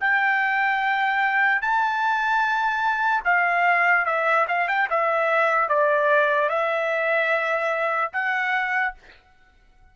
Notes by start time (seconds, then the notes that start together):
0.00 G5
1.61 A5
3.24 F5
4.05 E5
4.48 F5
4.68 G5
4.89 E5
5.68 D5
6.49 E5
8.13 F#5